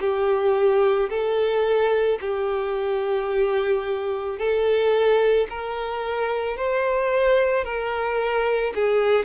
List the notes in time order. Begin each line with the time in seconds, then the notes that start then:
0.00 G4
1.10 A4
2.21 G4
4.38 A4
5.49 A#4
6.57 C5
7.64 A#4
8.75 G#4